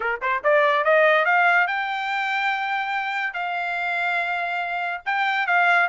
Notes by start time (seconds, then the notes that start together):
0.00 A#4
0.21 C5
0.43 D5
0.84 D#5
1.25 F5
1.67 G5
3.33 F5
5.05 G5
5.46 F5